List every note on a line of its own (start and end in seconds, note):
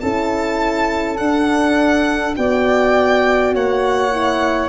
0.00 1.19 C#4
0.00 1.19 E4
0.00 2.37 A4
0.00 1.17 A5
1.17 2.36 D4
1.17 2.35 F#5
2.36 3.55 B3
2.36 4.11 F#4
2.36 3.54 D5
2.36 3.54 G5
3.54 4.68 A#3
3.54 4.68 C#5
3.54 4.68 F#5
4.11 4.68 E4